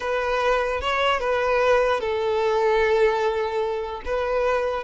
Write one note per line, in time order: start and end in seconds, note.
0.00 0.81 B4
0.81 1.20 C#5
1.20 2.00 B4
2.00 4.02 A4
4.05 4.83 B4